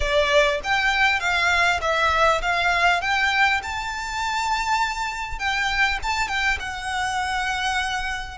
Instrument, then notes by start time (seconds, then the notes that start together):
violin
0.00 D5
0.63 G5
1.20 F5
1.81 E5
2.41 F5
3.01 G5
3.62 A5
5.38 G5
6.02 A5
6.28 G5
6.59 F#5